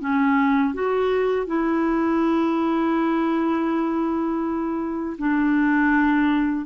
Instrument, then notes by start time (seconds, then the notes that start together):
clarinet
0.00 C#4
0.74 F#4
1.46 E4
5.18 D4